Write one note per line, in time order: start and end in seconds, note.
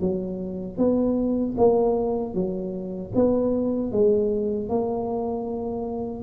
0.00 0.78 F#3
0.78 1.55 B3
1.57 2.34 A#3
2.34 3.12 F#3
3.15 3.92 B3
3.92 4.69 G#3
4.69 6.23 A#3